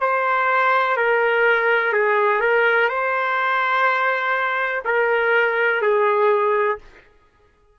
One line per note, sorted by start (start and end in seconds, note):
0.00 0.96 C5
0.96 1.93 A#4
1.93 2.40 G#4
2.40 2.89 A#4
2.89 4.82 C5
4.84 5.81 A#4
5.82 6.78 G#4